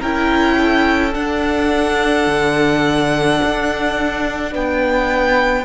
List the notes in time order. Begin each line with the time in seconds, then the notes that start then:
0.00 C#4 E4 A#4 G5
0.58 A4
1.13 D4 F#5
2.27 D3
3.44 D4
4.52 B3 B4 G5